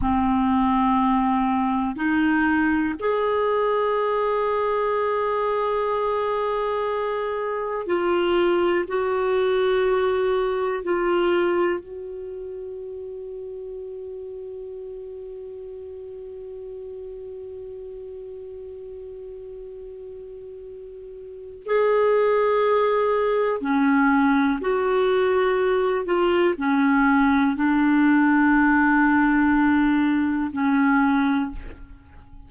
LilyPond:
\new Staff \with { instrumentName = "clarinet" } { \time 4/4 \tempo 4 = 61 c'2 dis'4 gis'4~ | gis'1 | f'4 fis'2 f'4 | fis'1~ |
fis'1~ | fis'2 gis'2 | cis'4 fis'4. f'8 cis'4 | d'2. cis'4 | }